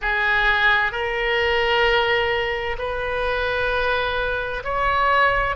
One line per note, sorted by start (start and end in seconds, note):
0.01 0.91 G#4
0.91 2.76 A#4
2.78 4.63 B4
4.64 5.56 C#5